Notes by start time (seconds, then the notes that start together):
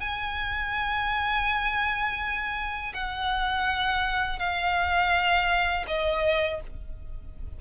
0.00 G#5
2.93 F#5
4.39 F5
5.87 D#5